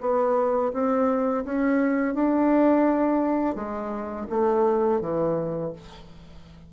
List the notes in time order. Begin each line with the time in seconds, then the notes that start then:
0.00 B3
0.73 C4
1.44 C#4
2.14 D4
3.55 G#3
4.29 A3
5.01 E3